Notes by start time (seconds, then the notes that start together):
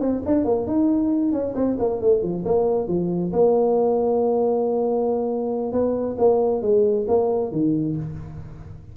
0.00 C4
0.26 D4
0.45 A#3
0.67 D#4
1.32 C#4
1.55 C4
1.79 A#3
2.01 A3
2.23 F3
2.45 A#3
2.88 F3
3.33 A#3
5.72 B3
6.18 A#3
6.62 G#3
7.08 A#3
7.52 D#3